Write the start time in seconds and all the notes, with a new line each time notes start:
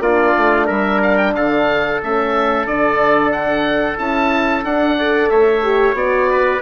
0.00 A#3 D4 F4 D5
0.37 A3
0.66 G3 A#4 E5
1.03 F5
1.17 G5
1.35 D3 A4 F5
2.03 A3 C#4 E5
2.66 D3 D4 D5
3.32 F#5
3.97 C#4 E4 A5
4.64 D4 F#5
4.98 A4 D5
5.30 A3 C#5 E5
5.63 G4
5.94 B3 F#4 D5
6.31 B4